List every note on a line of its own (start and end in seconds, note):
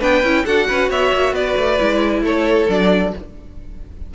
0.00 0.23 B3
0.00 0.23 D4
0.00 0.44 B4
0.00 0.46 G5
0.23 0.45 C#4
0.23 0.47 E4
0.45 0.69 D4
0.45 1.79 F#4
0.45 0.68 A4
0.45 0.90 F#5
0.68 0.90 C#4
0.68 0.90 B4
0.90 1.12 B3
0.90 1.34 C#5
0.90 1.35 E5
1.13 1.32 A#3
1.32 1.55 B3
1.32 2.23 B4
1.32 2.24 D5
1.57 1.79 A3
1.79 2.22 G#3
1.79 2.68 E4
2.22 2.67 A3
2.22 3.14 A4
2.22 2.70 C#5
2.69 3.13 F#3
2.69 3.13 D4
2.69 3.15 D5